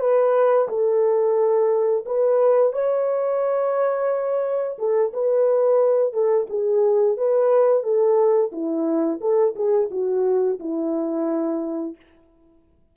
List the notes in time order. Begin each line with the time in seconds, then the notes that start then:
0.00 B4
0.68 A4
2.06 B4
2.73 C#5
4.79 A4
5.13 B4
6.13 A4
6.50 G#4
7.17 B4
7.83 A4
8.52 E4
9.21 A4
9.56 G#4
9.91 F#4
10.60 E4